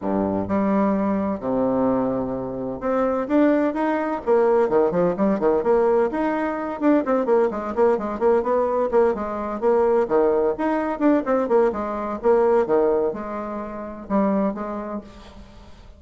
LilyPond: \new Staff \with { instrumentName = "bassoon" } { \time 4/4 \tempo 4 = 128 g,4 g2 c4~ | c2 c'4 d'4 | dis'4 ais4 dis8 f8 g8 dis8 | ais4 dis'4. d'8 c'8 ais8 |
gis8 ais8 gis8 ais8 b4 ais8 gis8~ | gis8 ais4 dis4 dis'4 d'8 | c'8 ais8 gis4 ais4 dis4 | gis2 g4 gis4 | }